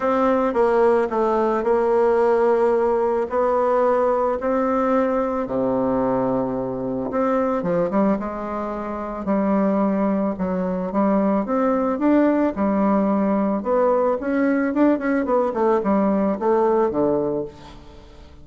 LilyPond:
\new Staff \with { instrumentName = "bassoon" } { \time 4/4 \tempo 4 = 110 c'4 ais4 a4 ais4~ | ais2 b2 | c'2 c2~ | c4 c'4 f8 g8 gis4~ |
gis4 g2 fis4 | g4 c'4 d'4 g4~ | g4 b4 cis'4 d'8 cis'8 | b8 a8 g4 a4 d4 | }